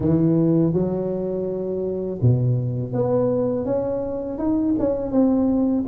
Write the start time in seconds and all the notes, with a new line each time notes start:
0.00 E3
0.73 F#3
2.21 B2
2.92 B3
3.65 C#4
4.38 D#4
4.79 C#4
5.11 C4